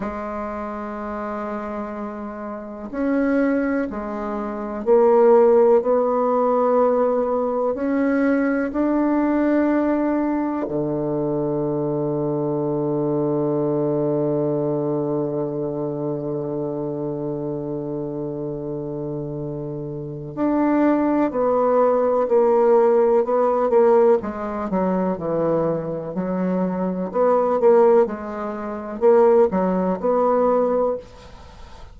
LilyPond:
\new Staff \with { instrumentName = "bassoon" } { \time 4/4 \tempo 4 = 62 gis2. cis'4 | gis4 ais4 b2 | cis'4 d'2 d4~ | d1~ |
d1~ | d4 d'4 b4 ais4 | b8 ais8 gis8 fis8 e4 fis4 | b8 ais8 gis4 ais8 fis8 b4 | }